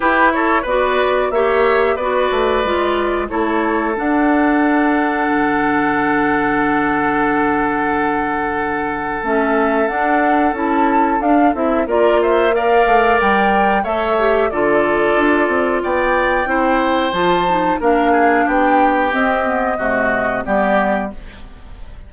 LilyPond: <<
  \new Staff \with { instrumentName = "flute" } { \time 4/4 \tempo 4 = 91 b'8 cis''8 d''4 e''4 d''4~ | d''4 cis''4 fis''2~ | fis''1~ | fis''2 e''4 fis''4 |
a''4 f''8 e''8 d''8 e''8 f''4 | g''4 e''4 d''2 | g''2 a''4 f''4 | g''4 dis''2 d''4 | }
  \new Staff \with { instrumentName = "oboe" } { \time 4/4 g'8 a'8 b'4 cis''4 b'4~ | b'4 a'2.~ | a'1~ | a'1~ |
a'2 ais'8 c''8 d''4~ | d''4 cis''4 a'2 | d''4 c''2 ais'8 gis'8 | g'2 fis'4 g'4 | }
  \new Staff \with { instrumentName = "clarinet" } { \time 4/4 e'4 fis'4 g'4 fis'4 | f'4 e'4 d'2~ | d'1~ | d'2 cis'4 d'4 |
e'4 d'8 e'8 f'4 ais'4~ | ais'4 a'8 g'8 f'2~ | f'4 e'4 f'8 dis'8 d'4~ | d'4 c'8 b8 a4 b4 | }
  \new Staff \with { instrumentName = "bassoon" } { \time 4/4 e'4 b4 ais4 b8 a8 | gis4 a4 d'2 | d1~ | d2 a4 d'4 |
cis'4 d'8 c'8 ais4. a8 | g4 a4 d4 d'8 c'8 | b4 c'4 f4 ais4 | b4 c'4 c4 g4 | }
>>